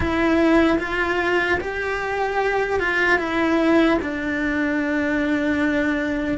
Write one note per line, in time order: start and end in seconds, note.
0.00 0.78 E4
0.79 1.59 F4
1.60 2.79 G4
2.79 3.18 F4
3.18 3.98 E4
4.01 6.37 D4